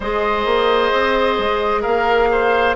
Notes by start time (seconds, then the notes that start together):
0.00 G#3 G#4 C5 D#5
0.45 A#3
0.92 C4
1.38 G#3
1.81 A#3 A#4 F5
2.31 C5